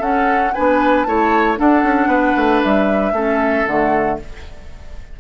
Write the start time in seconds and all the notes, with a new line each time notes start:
0.00 C#4 A4 F#5
0.53 B3 D4 B4 G#5
1.04 A3 E4 C#5 A5
1.57 D4 A4 F#5
1.83 C#4
2.07 B3 B4
2.37 A3
2.63 G3 E5
3.13 A3 C#4 A4
3.67 D3 A3 F#5